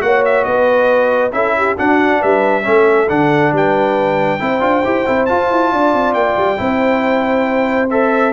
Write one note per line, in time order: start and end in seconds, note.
0.00 0.46 A#3
0.00 1.31 F#4
0.00 0.47 C#5
0.00 0.24 F#5
0.25 0.45 E5
0.45 1.32 B3
0.45 1.34 B4
0.45 1.32 D#5
1.32 1.76 C#4
1.32 1.77 E4
1.32 1.57 A4
1.32 1.76 E5
1.57 1.77 G4
1.77 2.64 D4
1.77 2.23 D4
1.77 2.21 F#4
1.77 2.22 F#5
2.21 2.67 G3
2.21 2.65 B4
2.21 3.09 E5
2.64 3.11 A3
2.64 3.07 C#4
2.64 3.54 A4
3.09 3.53 D3
3.09 4.40 D4
3.09 3.53 F#5
3.53 4.40 G3
3.53 4.41 B4
3.53 5.26 G5
4.40 4.61 C4
4.40 4.61 E4
4.40 5.72 C5
4.61 4.83 D4
4.61 4.83 F4
4.85 5.07 E4
4.85 5.07 G4
5.07 5.31 C4
5.07 5.29 E4
5.26 6.57 F4
5.26 5.51 F4
5.26 6.14 A5
5.51 5.72 E4
5.72 5.94 D4
5.72 6.60 D5
5.94 6.14 C4
6.14 6.36 A#3
6.14 7.89 G5
6.37 6.59 G3
6.57 8.33 C4
6.57 7.89 E4
6.57 8.33 C5
7.90 8.33 A4
7.90 8.33 E5